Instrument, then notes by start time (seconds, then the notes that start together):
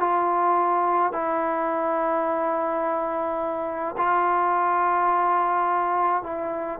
trombone
0.00 F4
1.13 E4
3.98 F4
6.23 E4